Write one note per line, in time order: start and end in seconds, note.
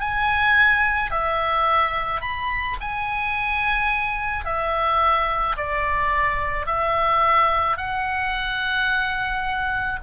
0.00 1.11 G#5
1.11 2.21 E5
2.21 2.77 B5
2.81 4.45 G#5
4.45 5.57 E5
5.57 6.66 D5
6.66 7.77 E5
7.77 9.99 F#5